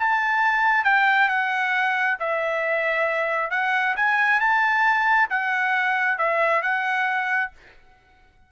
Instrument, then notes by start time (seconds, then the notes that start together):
trumpet
0.00 A5
0.85 G5
1.29 F#5
2.20 E5
3.51 F#5
3.97 G#5
4.41 A5
5.30 F#5
6.19 E5
6.63 F#5